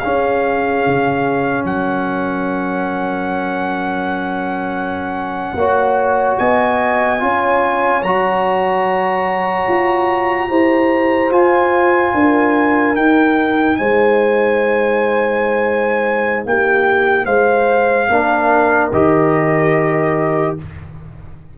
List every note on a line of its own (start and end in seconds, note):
0.00 5.58 C#4
0.00 0.86 C#4
0.00 1.67 G#4
0.00 1.64 F5
0.86 1.65 C#3
1.65 5.55 F#3
1.65 5.58 A#4
1.65 6.39 F#5
5.55 6.38 A#3
5.55 7.20 F#4
5.55 6.40 C#5
6.39 7.22 B3
6.39 7.22 D#5
6.39 8.03 G#5
7.20 8.03 C#4
7.20 8.02 F4
7.20 10.50 C#5
8.03 9.68 F#3
8.03 10.50 F#4
8.03 11.32 A#5
9.68 10.51 F4
10.50 11.31 E4
10.50 11.32 G4
10.50 12.14 C5
11.31 12.14 F4
11.31 12.97 F4
11.31 12.96 G#5
12.14 12.96 D4
12.14 13.79 A#4
12.96 13.79 D#4
12.96 18.10 D#4
12.96 13.77 G5
13.77 16.46 G#3
13.77 16.46 C5
13.77 16.44 G#5
16.46 17.27 A#3
16.46 17.26 G4
16.46 17.26 G5
17.26 18.09 G#3
17.26 18.08 C5
17.26 18.91 F5
18.09 18.92 A#3
18.09 18.92 D4
18.09 20.57 A#4
18.93 20.57 D#3
18.93 20.59 G4
18.93 20.57 D#5